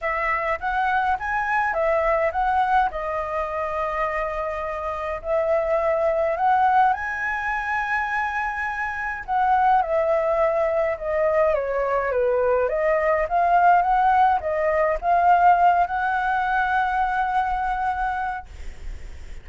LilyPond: \new Staff \with { instrumentName = "flute" } { \time 4/4 \tempo 4 = 104 e''4 fis''4 gis''4 e''4 | fis''4 dis''2.~ | dis''4 e''2 fis''4 | gis''1 |
fis''4 e''2 dis''4 | cis''4 b'4 dis''4 f''4 | fis''4 dis''4 f''4. fis''8~ | fis''1 | }